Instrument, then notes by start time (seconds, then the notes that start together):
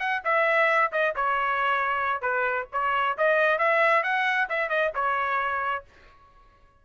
trumpet
0.00 F#5
0.25 E5
0.92 D#5
1.16 C#5
2.22 B4
2.73 C#5
3.18 D#5
3.59 E5
4.04 F#5
4.50 E5
4.70 D#5
4.95 C#5